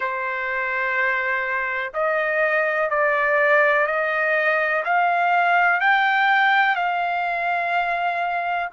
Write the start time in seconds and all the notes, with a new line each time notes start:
0.00 C5
1.94 D#5
2.90 D5
3.87 D#5
4.84 F5
5.80 G5
6.75 F5